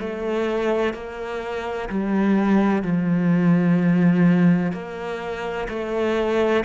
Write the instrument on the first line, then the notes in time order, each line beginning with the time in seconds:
cello
0.00 A3
0.94 A#3
1.90 G3
2.83 F3
4.73 A#3
5.69 A3